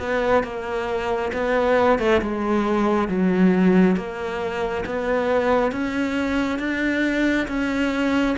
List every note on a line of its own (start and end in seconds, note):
0.00 0.44 B3
0.44 1.32 A#3
1.34 1.99 B3
1.99 2.21 A3
2.22 3.08 G#3
3.08 3.97 F#3
3.97 4.85 A#3
4.86 5.72 B3
5.72 6.59 C#4
6.59 7.48 D4
7.48 8.36 C#4